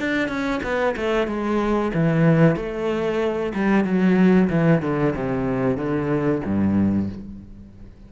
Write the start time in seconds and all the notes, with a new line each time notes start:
0.00 D4
0.29 C#4
0.64 B3
0.97 A3
1.28 G#3
1.94 E3
2.57 A3
3.55 G3
3.85 F#3
4.50 E3
4.82 D3
5.16 C3
5.78 D3
6.45 G2